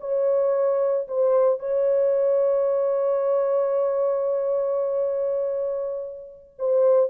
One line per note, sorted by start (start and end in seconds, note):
0.00 1.07 C#5
1.08 1.59 C5
1.59 6.55 C#5
6.58 7.10 C5